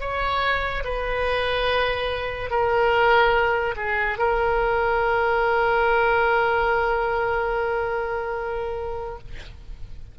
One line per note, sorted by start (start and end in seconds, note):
0.00 0.83 C#5
0.84 2.50 B4
2.50 3.75 A#4
3.77 4.18 G#4
4.18 9.18 A#4